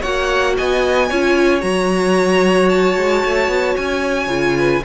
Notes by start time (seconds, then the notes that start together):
0.00 A#3 F#4 C#5 F#5
0.57 B3 D#5 G#5
1.09 C#4 F4 C#5
1.60 F#3 F#4 A#5
2.68 A5
2.97 G#3
3.24 A3
3.47 B3
3.76 C#4 G#5
4.26 C#3 F4
4.57 B4